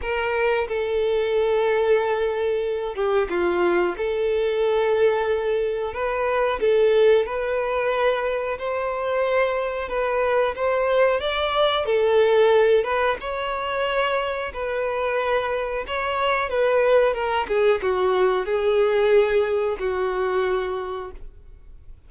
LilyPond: \new Staff \with { instrumentName = "violin" } { \time 4/4 \tempo 4 = 91 ais'4 a'2.~ | a'8 g'8 f'4 a'2~ | a'4 b'4 a'4 b'4~ | b'4 c''2 b'4 |
c''4 d''4 a'4. b'8 | cis''2 b'2 | cis''4 b'4 ais'8 gis'8 fis'4 | gis'2 fis'2 | }